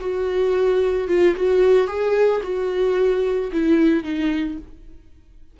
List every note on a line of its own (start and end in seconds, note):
0.00 1.08 F#4
1.08 1.35 F4
1.36 1.87 F#4
1.87 2.42 G#4
2.43 3.51 F#4
3.52 4.04 E4
4.04 4.58 D#4